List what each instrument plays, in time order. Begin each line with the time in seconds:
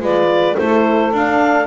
0.00 double bass G#3, horn F4, saxophone B4, clarinet D5
0.57 double bass A3, horn E4, saxophone A4, clarinet C5
1.13 double bass D4, horn D4, clarinet F5